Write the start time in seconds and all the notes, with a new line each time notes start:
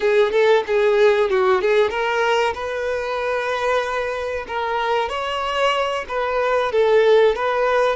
0.00 G#4
0.31 A4
0.66 G#4
1.30 F#4
1.61 G#4
1.89 A#4
2.54 B4
4.47 A#4
5.09 C#5
6.08 B4
6.72 A4
7.35 B4